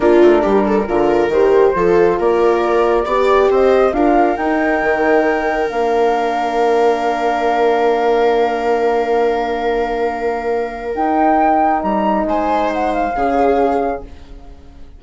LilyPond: <<
  \new Staff \with { instrumentName = "flute" } { \time 4/4 \tempo 4 = 137 ais'2. c''4~ | c''4 d''2. | dis''4 f''4 g''2~ | g''4 f''2.~ |
f''1~ | f''1~ | f''4 g''2 ais''4 | gis''4 fis''8 f''2~ f''8 | }
  \new Staff \with { instrumentName = "viola" } { \time 4/4 f'4 g'8 a'8 ais'2 | a'4 ais'2 d''4 | c''4 ais'2.~ | ais'1~ |
ais'1~ | ais'1~ | ais'1 | c''2 gis'2 | }
  \new Staff \with { instrumentName = "horn" } { \time 4/4 d'2 f'4 g'4 | f'2. g'4~ | g'4 f'4 dis'2~ | dis'4 d'2.~ |
d'1~ | d'1~ | d'4 dis'2.~ | dis'2 cis'2 | }
  \new Staff \with { instrumentName = "bassoon" } { \time 4/4 ais8 a8 g4 d4 dis4 | f4 ais2 b4 | c'4 d'4 dis'4 dis4~ | dis4 ais2.~ |
ais1~ | ais1~ | ais4 dis'2 g4 | gis2 cis2 | }
>>